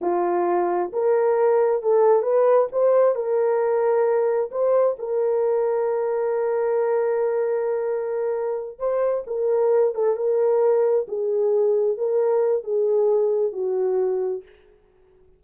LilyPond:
\new Staff \with { instrumentName = "horn" } { \time 4/4 \tempo 4 = 133 f'2 ais'2 | a'4 b'4 c''4 ais'4~ | ais'2 c''4 ais'4~ | ais'1~ |
ais'2.~ ais'8 c''8~ | c''8 ais'4. a'8 ais'4.~ | ais'8 gis'2 ais'4. | gis'2 fis'2 | }